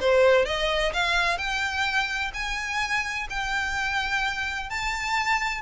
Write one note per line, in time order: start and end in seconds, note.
0.00 0.45 C5
0.45 0.92 D#5
0.93 1.37 F5
1.37 2.31 G5
2.33 3.27 G#5
3.29 4.69 G5
4.69 5.61 A5